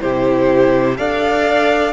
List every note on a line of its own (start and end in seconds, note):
0.00 0.98 C3
0.00 0.97 E4
0.00 0.98 G4
0.00 0.97 C5
0.97 1.93 D4
0.97 1.93 A4
0.97 1.93 D5
0.97 1.93 F5